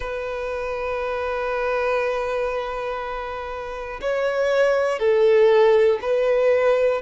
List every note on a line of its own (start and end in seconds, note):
0.00 4.00 B4
4.00 4.99 C#5
4.99 5.99 A4
6.01 7.01 B4